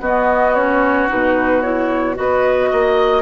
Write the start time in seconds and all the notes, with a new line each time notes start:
0.00 B3 F#4 D#5
0.54 C#4 C#5
1.09 B2 D#4 B4
1.62 E4 C#5
2.15 B3 F#4 B4 D#5
2.70 A#3 D#5